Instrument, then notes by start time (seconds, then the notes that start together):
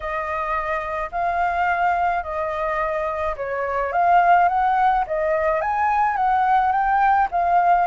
flute
0.00 D#5
1.11 F5
2.23 D#5
3.36 C#5
3.92 F5
4.48 F#5
5.06 D#5
5.61 G#5
6.16 F#5
6.72 G5
7.31 F5